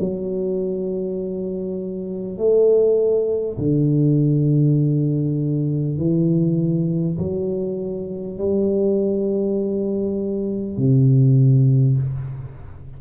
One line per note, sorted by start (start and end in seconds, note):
0.00 2.38 F#3
2.38 3.58 A3
3.59 5.98 D3
5.98 7.18 E3
7.19 8.38 F#3
8.38 10.78 G3
10.78 11.98 C3